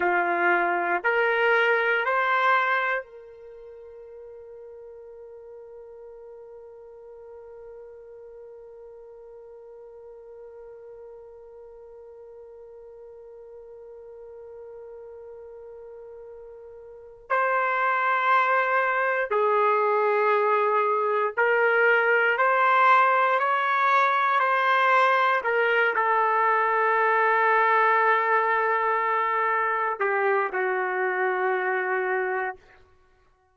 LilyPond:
\new Staff \with { instrumentName = "trumpet" } { \time 4/4 \tempo 4 = 59 f'4 ais'4 c''4 ais'4~ | ais'1~ | ais'1~ | ais'1~ |
ais'4 c''2 gis'4~ | gis'4 ais'4 c''4 cis''4 | c''4 ais'8 a'2~ a'8~ | a'4. g'8 fis'2 | }